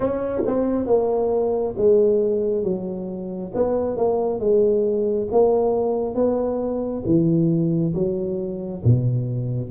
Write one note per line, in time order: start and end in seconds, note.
0.00 0.42 C#4
0.46 0.86 C4
0.86 1.74 A#3
1.77 2.63 G#3
2.63 3.51 F#3
3.54 3.96 B3
3.96 4.39 A#3
4.39 5.27 G#3
5.31 6.14 A#3
6.14 7.03 B3
7.05 7.93 E3
7.94 8.82 F#3
8.84 9.71 B2